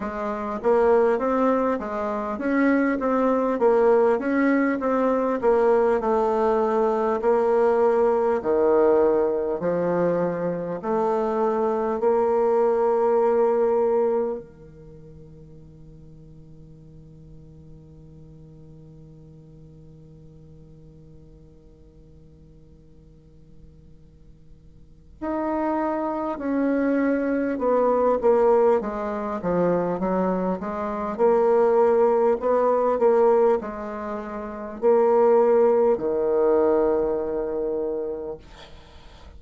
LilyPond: \new Staff \with { instrumentName = "bassoon" } { \time 4/4 \tempo 4 = 50 gis8 ais8 c'8 gis8 cis'8 c'8 ais8 cis'8 | c'8 ais8 a4 ais4 dis4 | f4 a4 ais2 | dis1~ |
dis1~ | dis4 dis'4 cis'4 b8 ais8 | gis8 f8 fis8 gis8 ais4 b8 ais8 | gis4 ais4 dis2 | }